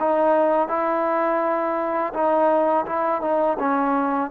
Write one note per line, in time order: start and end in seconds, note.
0.00 0.68 D#4
0.68 2.13 E4
2.14 2.86 D#4
2.86 3.22 E4
3.22 3.58 D#4
3.59 4.31 C#4